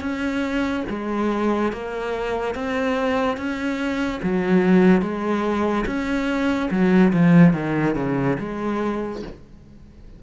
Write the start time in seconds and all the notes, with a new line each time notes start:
0.00 C#4
0.89 G#3
1.72 A#3
2.55 C4
3.37 C#4
4.22 F#3
5.02 G#3
5.86 C#4
6.70 F#3
7.12 F3
7.53 D#3
7.95 C#3
8.39 G#3